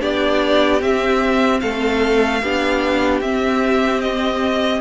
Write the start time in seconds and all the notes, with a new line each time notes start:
0.00 B3 D4 G4 D5
0.81 C4 E5
1.60 A3 A4 F5
2.43 B3 D4 G4
3.21 C4 E5
4.02 D#5